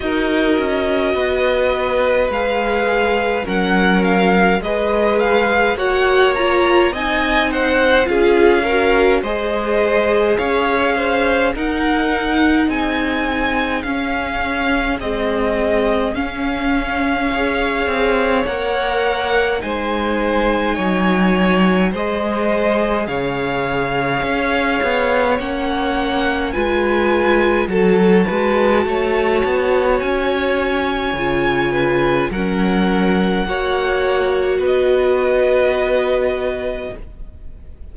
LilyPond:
<<
  \new Staff \with { instrumentName = "violin" } { \time 4/4 \tempo 4 = 52 dis''2 f''4 fis''8 f''8 | dis''8 f''8 fis''8 ais''8 gis''8 fis''8 f''4 | dis''4 f''4 fis''4 gis''4 | f''4 dis''4 f''2 |
fis''4 gis''2 dis''4 | f''2 fis''4 gis''4 | a''2 gis''2 | fis''2 dis''2 | }
  \new Staff \with { instrumentName = "violin" } { \time 4/4 ais'4 b'2 ais'4 | b'4 cis''4 dis''8 c''8 gis'8 ais'8 | c''4 cis''8 c''8 ais'4 gis'4~ | gis'2. cis''4~ |
cis''4 c''4 cis''4 c''4 | cis''2. b'4 | a'8 b'8 cis''2~ cis''8 b'8 | ais'4 cis''4 b'2 | }
  \new Staff \with { instrumentName = "viola" } { \time 4/4 fis'2 gis'4 cis'4 | gis'4 fis'8 f'8 dis'4 f'8 fis'8 | gis'2 dis'2 | cis'4 gis4 cis'4 gis'4 |
ais'4 dis'2 gis'4~ | gis'2 cis'4 f'4 | fis'2. f'4 | cis'4 fis'2. | }
  \new Staff \with { instrumentName = "cello" } { \time 4/4 dis'8 cis'8 b4 gis4 fis4 | gis4 ais4 c'4 cis'4 | gis4 cis'4 dis'4 c'4 | cis'4 c'4 cis'4. c'8 |
ais4 gis4 fis4 gis4 | cis4 cis'8 b8 ais4 gis4 | fis8 gis8 a8 b8 cis'4 cis4 | fis4 ais4 b2 | }
>>